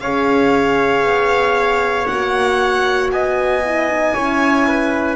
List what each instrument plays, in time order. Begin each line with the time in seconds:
0.00 double bass C#4, horn G#4, trumpet C#5, violin F5
1.03 double bass B3
2.06 double bass A#3, horn F#4, violin F#5
3.11 double bass B3, trumpet D#5, violin G#5
3.64 horn E4
3.90 horn D#4
4.14 double bass C#4, horn E4, trumpet C#5
4.67 trumpet B4